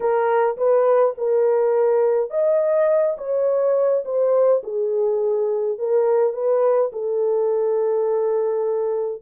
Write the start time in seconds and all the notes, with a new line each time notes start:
0.00 A#4
0.57 B4
1.17 A#4
2.30 D#5
3.17 C#5
4.04 C5
4.63 G#4
5.78 A#4
6.33 B4
6.92 A4